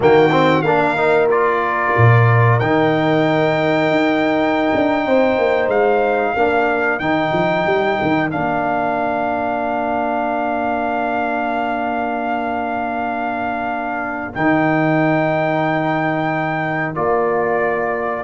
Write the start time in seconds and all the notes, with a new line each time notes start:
0.00 D#3 A#3 F#4 G5
0.31 C4
0.62 A#3 D4 A#4 F5
0.96 D#4
1.30 F4 D5
1.96 A#2
2.59 D#3 D#4 G5
3.90 D#4
4.75 D4
5.06 C4 C5
5.38 A#3
5.68 G#3 F5
6.35 A#3 D4 A#4
6.99 D#3 D#4 G5
7.32 F3
7.66 G3
8.01 D#3
8.29 A#3 D4 F5
14.34 D#3 D#4 G5
16.94 A#3 F4 D5